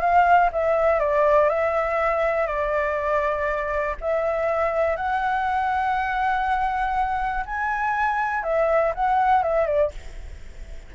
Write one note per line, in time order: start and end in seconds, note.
0.00 0.50 F5
0.52 0.99 E5
0.99 1.49 D5
1.49 2.47 E5
2.47 3.95 D5
4.01 4.96 E5
4.96 7.44 F#5
7.45 8.43 G#5
8.43 8.93 E5
8.95 9.43 F#5
9.43 9.66 E5
9.66 9.91 D5